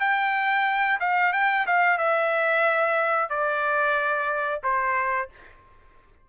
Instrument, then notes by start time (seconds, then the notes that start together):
trumpet
0.00 G5
1.00 F5
1.33 G5
1.66 F5
1.98 E5
3.29 D5
4.63 C5